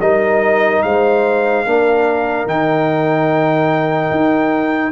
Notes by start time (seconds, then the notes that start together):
0.00 G3 D#4 A#4 D#5
0.82 G#3 C5 F5
1.65 A#3 D4 A#4
2.46 D#3 D#4 G5
4.10 D#4